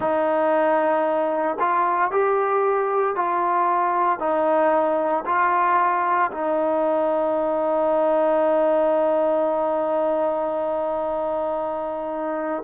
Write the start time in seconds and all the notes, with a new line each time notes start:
0.00 D#4
1.59 F4
2.11 G4
3.15 F4
4.19 D#4
5.25 F4
6.32 D#4